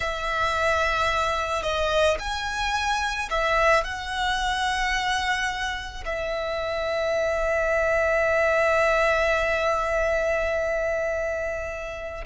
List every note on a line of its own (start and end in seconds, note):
0.00 1.62 E5
1.62 2.17 D#5
2.19 3.29 G#5
3.30 3.84 E5
3.84 6.04 F#5
6.05 12.24 E5